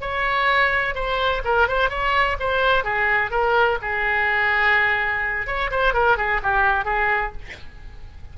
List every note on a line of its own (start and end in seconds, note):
0.00 0.94 C#5
0.94 1.42 C5
1.44 1.68 A#4
1.68 1.89 C5
1.89 2.37 C#5
2.39 2.84 C5
2.84 3.31 G#4
3.31 3.78 A#4
3.81 5.47 G#4
5.47 5.70 C#5
5.71 5.93 C5
5.93 6.17 A#4
6.17 6.41 G#4
6.43 6.84 G4
6.84 7.32 G#4